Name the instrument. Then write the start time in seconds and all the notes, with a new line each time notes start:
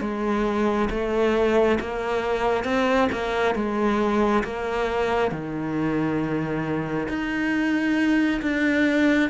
cello
0.00 G#3
0.90 A3
1.80 A#3
2.64 C4
3.12 A#3
3.55 G#3
4.44 A#3
5.31 D#3
7.08 D#4
8.41 D4